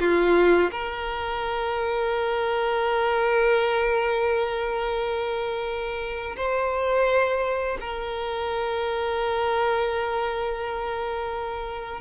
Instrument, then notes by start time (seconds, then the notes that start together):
violin
0.00 F4
0.71 A#4
6.36 C5
7.80 A#4